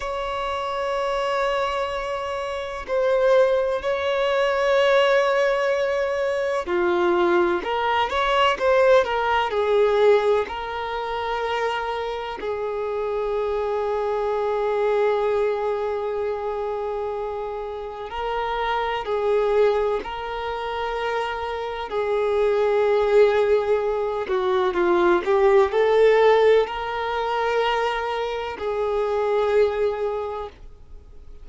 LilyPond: \new Staff \with { instrumentName = "violin" } { \time 4/4 \tempo 4 = 63 cis''2. c''4 | cis''2. f'4 | ais'8 cis''8 c''8 ais'8 gis'4 ais'4~ | ais'4 gis'2.~ |
gis'2. ais'4 | gis'4 ais'2 gis'4~ | gis'4. fis'8 f'8 g'8 a'4 | ais'2 gis'2 | }